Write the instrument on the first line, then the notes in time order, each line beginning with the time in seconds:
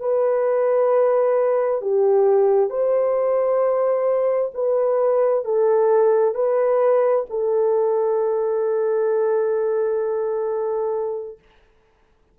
horn
0.00 B4
1.81 G4
2.69 C5
4.54 B4
5.44 A4
6.34 B4
7.30 A4